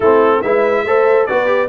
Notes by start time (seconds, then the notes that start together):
0.00 A3 C4 E4 A4
0.41 G#3 E4 B4 E5
0.84 A3 A4 C5
1.26 B3 F#4 B4 D5
1.46 G4